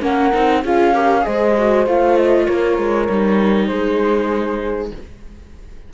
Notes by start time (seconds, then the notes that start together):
0.00 A#3 C#4 A#4 F#5
0.33 C4 D#4
0.63 C#4 F4 G#4 F5
0.93 G4 A#4
1.21 G#3 G#4 C5 D#5
1.58 F#4
1.86 A3 F4 F5
2.16 D#5
2.46 A#3 A#4 C#5
2.77 G#3
3.09 G3 D#4
3.66 G#3 G#4 C5